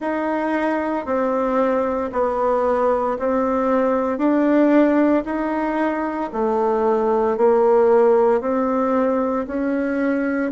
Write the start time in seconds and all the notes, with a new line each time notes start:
0.00 D#4
1.05 C4
2.12 B3
3.18 C4
4.18 D4
5.25 D#4
6.32 A3
7.37 A#3
8.40 C4
9.47 C#4